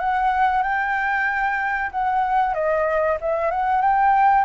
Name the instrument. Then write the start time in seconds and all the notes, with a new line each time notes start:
flute
0.00 F#5
0.63 G5
1.91 F#5
2.54 D#5
3.21 E5
3.51 F#5
3.82 G5